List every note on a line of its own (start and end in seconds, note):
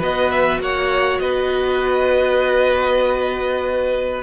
0.00 0.59 B3
0.00 4.23 F#4
0.00 0.61 B4
0.00 0.31 D#5
0.31 0.61 E5
0.59 1.20 A#3
0.59 1.22 C#5
0.59 1.19 F#5
1.19 4.23 B3
1.19 4.23 B4
1.19 4.22 D#5